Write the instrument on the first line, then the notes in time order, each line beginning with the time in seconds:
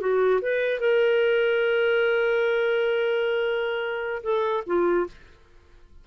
clarinet
0.00 F#4
0.41 B4
0.80 A#4
4.23 A4
4.66 F4